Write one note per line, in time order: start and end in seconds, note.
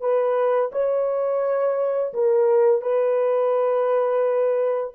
0.00 0.71 B4
0.72 2.13 C#5
2.13 2.81 A#4
2.81 4.93 B4